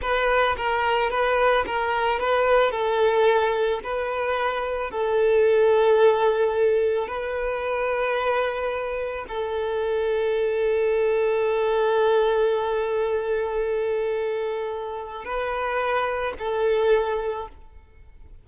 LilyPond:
\new Staff \with { instrumentName = "violin" } { \time 4/4 \tempo 4 = 110 b'4 ais'4 b'4 ais'4 | b'4 a'2 b'4~ | b'4 a'2.~ | a'4 b'2.~ |
b'4 a'2.~ | a'1~ | a'1 | b'2 a'2 | }